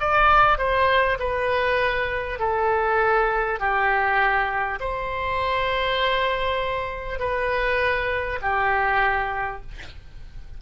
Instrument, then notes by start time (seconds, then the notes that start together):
oboe
0.00 D5
0.58 C5
1.19 B4
2.39 A4
3.59 G4
4.80 C5
7.19 B4
8.42 G4